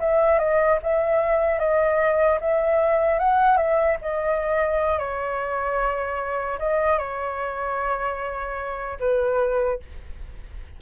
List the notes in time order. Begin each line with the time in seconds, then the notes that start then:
0.00 E5
0.39 D#5
0.83 E5
1.59 D#5
2.41 E5
3.19 F#5
3.57 E5
4.01 D#5
4.99 C#5
6.59 D#5
6.99 C#5
9.00 B4